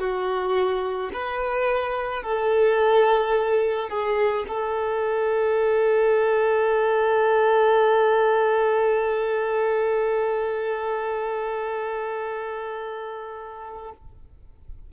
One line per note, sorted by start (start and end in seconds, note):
0.00 1.11 F#4
1.14 2.23 B4
2.23 3.90 A4
3.90 4.45 G#4
4.48 13.93 A4